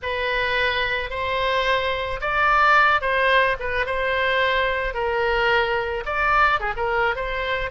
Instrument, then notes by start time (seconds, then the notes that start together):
oboe
0.02 B4
1.10 C5
2.20 D5
3.01 C5
3.59 B4
3.85 C5
4.93 A#4
6.06 D5
6.59 G#4
6.76 A#4
7.15 C5